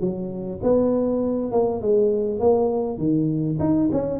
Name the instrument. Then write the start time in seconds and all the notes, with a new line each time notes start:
tuba
0.00 F#3
0.62 B3
1.51 A#3
1.81 G#3
2.39 A#3
2.98 D#3
3.59 D#4
3.92 C#4